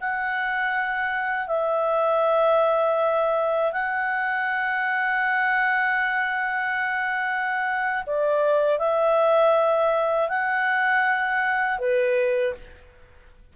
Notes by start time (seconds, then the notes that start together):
0.00 F#5
1.47 E5
3.72 F#5
8.06 D5
8.79 E5
10.29 F#5
11.79 B4